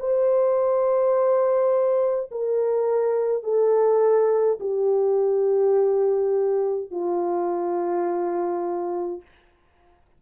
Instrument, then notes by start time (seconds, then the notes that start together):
horn
0.00 C5
2.31 A#4
3.44 A4
4.60 G4
6.91 F4